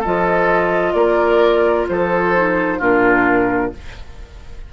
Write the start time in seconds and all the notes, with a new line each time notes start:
0.00 F3 F4 A4 D#5
0.93 A#3 A#4 D5
1.88 F3 A4 C5
2.35 D#4
2.78 A#2 D4 F4 A#4